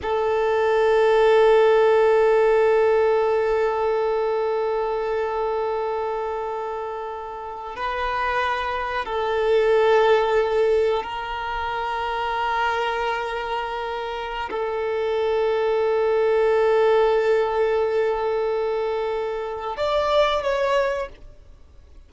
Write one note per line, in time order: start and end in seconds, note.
0.02 7.75 A4
7.75 9.05 B4
9.05 11.03 A4
11.03 14.49 A#4
14.50 19.76 A4
19.76 20.42 D5
20.42 21.08 C#5